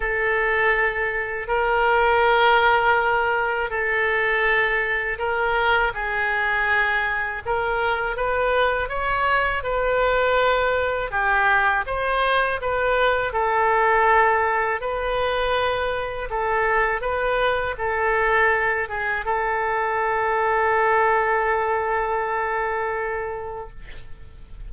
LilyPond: \new Staff \with { instrumentName = "oboe" } { \time 4/4 \tempo 4 = 81 a'2 ais'2~ | ais'4 a'2 ais'4 | gis'2 ais'4 b'4 | cis''4 b'2 g'4 |
c''4 b'4 a'2 | b'2 a'4 b'4 | a'4. gis'8 a'2~ | a'1 | }